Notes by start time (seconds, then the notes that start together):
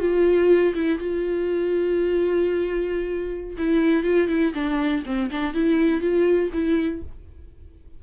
0.00 F4
0.75 E4
0.99 F4
3.58 E4
4.04 F4
4.28 E4
4.54 D4
5.06 C4
5.31 D4
5.54 E4
6.01 F4
6.53 E4